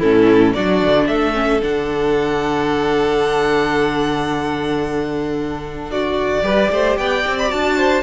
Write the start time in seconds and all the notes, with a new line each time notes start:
0.00 A2 C#4 E4 A4
0.54 F#3 D4 F#4 D5
0.84 D3
1.08 A3 A4 E5
1.33 C#4
1.62 D3 D4 F#5
5.91 F#4 D5
6.42 G3 G4 B4
6.71 A3 C5
6.98 B3 D5 G5
7.27 C4
7.39 B5
7.49 D4 F#4 A5
7.77 C5